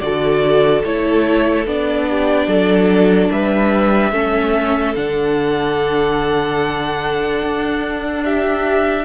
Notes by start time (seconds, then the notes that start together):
0.00 D3 F#4 A4 D5
0.85 A3 E4 C#5
1.67 B3 D4 D5
2.09 G4
2.47 F#3 A4
3.30 G3 B4 E5
4.12 A3 C#4 A4
4.96 D3 D4 F#5
7.43 D4
8.25 G4 E5